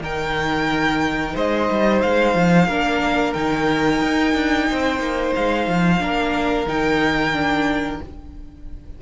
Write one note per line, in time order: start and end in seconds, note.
0.00 1.33 D#3
0.00 2.69 D#4
0.00 1.33 A#4
0.00 1.36 G5
1.33 1.69 G#3
1.33 2.67 C5
1.33 2.01 D#5
1.70 2.03 G3
2.01 2.34 G#3
2.01 3.33 F5
2.34 2.67 F3
2.67 3.34 A#3
2.67 3.35 D4
2.67 4.67 A#4
3.33 4.01 D#3
3.33 5.99 D#4
3.33 5.33 G5
4.01 4.34 D#4
4.34 4.67 D4
4.70 4.99 C4
4.70 6.02 C5
4.99 5.32 A#3
5.35 5.67 G#3
5.35 6.68 F5
5.67 6.01 F3
5.99 6.66 A#3
5.99 6.66 D4
5.99 8.02 A#4
6.66 7.99 D#3
6.66 7.32 D#4
6.66 8.01 G5
7.32 7.99 D4